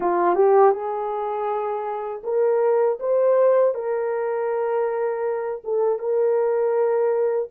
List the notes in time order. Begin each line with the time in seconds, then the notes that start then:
0.00 F4
0.35 G4
0.72 G#4
2.23 A#4
2.99 C5
3.74 A#4
5.64 A4
5.98 A#4